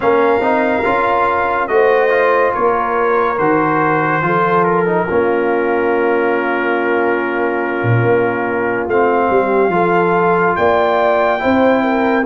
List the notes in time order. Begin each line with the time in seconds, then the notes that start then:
0.00 A#3 C#4 A#4 F5
0.40 C4 D#4
0.84 C#4 F4
1.67 A3 F#4 C5 D#5
2.09 F4
2.54 A#3 A#4 C#5
3.37 D#3 F#4 C5
4.21 F3 F4 A4
4.64 A#4
4.86 D#4
5.06 A#3 C#4 F4
7.83 A#2
8.02 A#3
8.87 A3 C4 F5
9.29 G3 G4
9.68 F3 F4 A4
10.55 A#3 D5 G5
11.39 C4 E4 C5
11.83 A#4